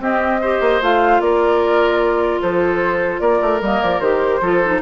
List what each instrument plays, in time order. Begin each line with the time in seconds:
0.00 clarinet C4, bassoon C4, oboe G4, flute D#5
0.41 clarinet G4, oboe C5
0.61 bassoon A#3
0.82 bassoon A3, clarinet F4, flute F5
1.20 bassoon A#3, oboe A#4, flute D5
2.42 bassoon F3, oboe A4, flute C5
3.20 bassoon A#3, oboe A#4, flute D5
3.42 bassoon A3
3.61 bassoon G3, clarinet A#3, flute D#5
3.82 bassoon F3, flute D5
4.00 bassoon D#3, clarinet G4, flute C5
4.41 bassoon F3, clarinet F4, oboe A4
4.64 clarinet D#4